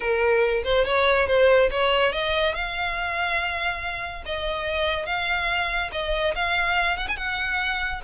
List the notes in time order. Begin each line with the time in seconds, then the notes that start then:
0.00 A#4
0.64 C5
0.85 C#5
1.27 C5
1.70 C#5
2.12 D#5
2.54 F5
4.25 D#5
5.06 F5
5.92 D#5
6.35 F5
6.97 F#5
7.08 G#5
7.16 F#5